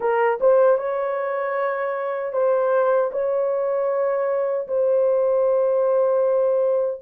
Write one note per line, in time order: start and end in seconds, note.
0.00 0.38 A#4
0.40 0.77 C5
0.77 2.32 C#5
2.32 3.10 C5
3.11 4.67 C#5
4.67 7.01 C5